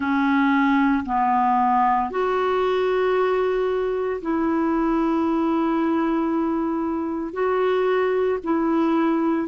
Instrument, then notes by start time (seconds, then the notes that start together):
clarinet
0.00 C#4
1.05 B3
2.10 F#4
4.21 E4
7.33 F#4
8.43 E4